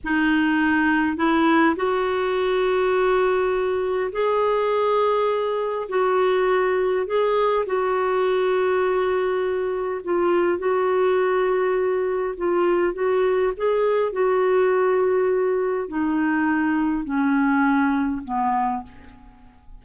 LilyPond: \new Staff \with { instrumentName = "clarinet" } { \time 4/4 \tempo 4 = 102 dis'2 e'4 fis'4~ | fis'2. gis'4~ | gis'2 fis'2 | gis'4 fis'2.~ |
fis'4 f'4 fis'2~ | fis'4 f'4 fis'4 gis'4 | fis'2. dis'4~ | dis'4 cis'2 b4 | }